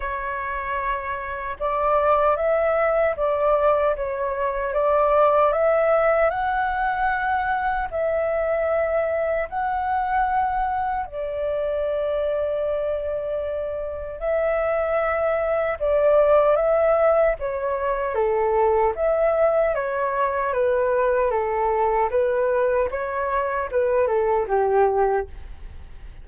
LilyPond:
\new Staff \with { instrumentName = "flute" } { \time 4/4 \tempo 4 = 76 cis''2 d''4 e''4 | d''4 cis''4 d''4 e''4 | fis''2 e''2 | fis''2 d''2~ |
d''2 e''2 | d''4 e''4 cis''4 a'4 | e''4 cis''4 b'4 a'4 | b'4 cis''4 b'8 a'8 g'4 | }